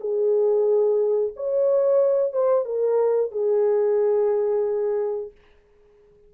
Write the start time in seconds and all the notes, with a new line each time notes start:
0.00 G#4
1.36 C#5
2.32 C5
2.65 A#4
3.31 G#4